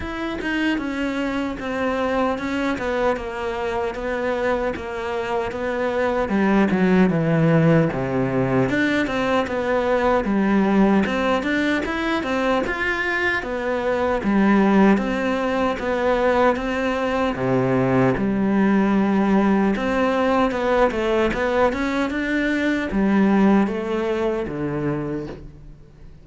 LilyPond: \new Staff \with { instrumentName = "cello" } { \time 4/4 \tempo 4 = 76 e'8 dis'8 cis'4 c'4 cis'8 b8 | ais4 b4 ais4 b4 | g8 fis8 e4 c4 d'8 c'8 | b4 g4 c'8 d'8 e'8 c'8 |
f'4 b4 g4 c'4 | b4 c'4 c4 g4~ | g4 c'4 b8 a8 b8 cis'8 | d'4 g4 a4 d4 | }